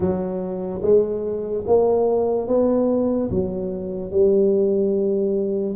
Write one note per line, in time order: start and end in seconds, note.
0.00 0.81 F#3
0.82 1.64 G#3
1.67 2.47 A#3
2.47 3.30 B3
3.30 4.11 F#3
4.11 5.75 G3